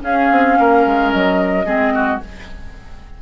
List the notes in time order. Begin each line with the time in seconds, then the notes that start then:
0.00 C#4 G#4 F5
0.31 C4
0.58 A#3 A#4
0.86 G#3
1.11 F#3 D#5
1.65 G#3 C4 G#4
1.94 F#4